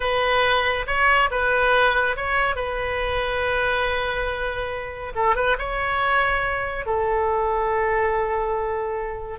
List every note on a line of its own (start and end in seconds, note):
0.00 0.86 B4
0.86 1.29 C#5
1.30 2.16 B4
2.16 2.55 C#5
2.55 5.12 B4
5.15 5.35 A4
5.35 5.57 B4
5.58 6.86 C#5
6.86 9.39 A4